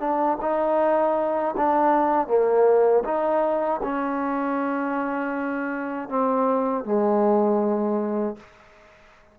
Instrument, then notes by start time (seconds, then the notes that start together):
trombone
0.00 D4
0.41 D#4
1.57 D4
2.28 A#3
3.05 D#4
3.83 C#4
6.09 C4
6.85 G#3